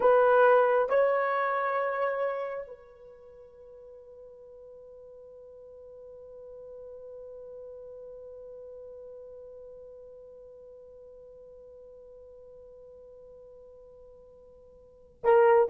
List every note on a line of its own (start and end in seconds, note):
0.00 0.89 B4
0.89 2.67 C#5
2.67 15.20 B4
15.23 15.68 A#4